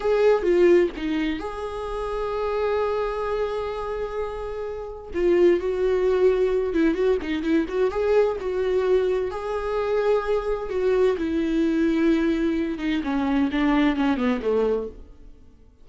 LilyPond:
\new Staff \with { instrumentName = "viola" } { \time 4/4 \tempo 4 = 129 gis'4 f'4 dis'4 gis'4~ | gis'1~ | gis'2. f'4 | fis'2~ fis'8 e'8 fis'8 dis'8 |
e'8 fis'8 gis'4 fis'2 | gis'2. fis'4 | e'2.~ e'8 dis'8 | cis'4 d'4 cis'8 b8 a4 | }